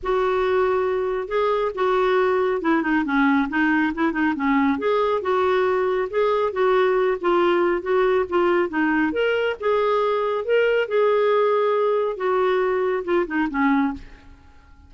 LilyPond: \new Staff \with { instrumentName = "clarinet" } { \time 4/4 \tempo 4 = 138 fis'2. gis'4 | fis'2 e'8 dis'8 cis'4 | dis'4 e'8 dis'8 cis'4 gis'4 | fis'2 gis'4 fis'4~ |
fis'8 f'4. fis'4 f'4 | dis'4 ais'4 gis'2 | ais'4 gis'2. | fis'2 f'8 dis'8 cis'4 | }